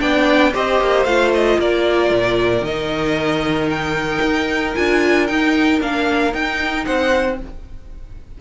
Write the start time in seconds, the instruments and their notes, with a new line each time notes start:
0.00 cello B3, viola D4, violin D5 G5
0.53 cello C4, viola G4, violin C5 D#5
0.80 cello A#3
1.05 cello A3, viola F4, violin F5
1.34 violin D#5
1.59 cello A#3, violin A#4 D5
2.10 cello A#2
2.61 cello D#3, viola D#4, violin D#5
3.70 violin G5
4.22 cello D#4
4.75 cello D4, viola F4, violin G#5
5.27 viola D#4, cello D#4, violin G5
5.81 cello A#3, viola D4, violin F5
6.33 viola D#4, cello D#4, violin G5
6.85 cello C4, violin C5 F#5